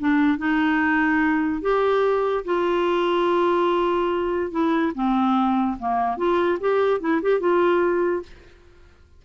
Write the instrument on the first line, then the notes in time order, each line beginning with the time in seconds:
clarinet
0.00 D4
0.38 D#4
1.62 G4
2.45 F4
4.51 E4
4.95 C4
5.79 A#3
6.17 F4
6.60 G4
7.01 E4
7.22 G4
7.40 F4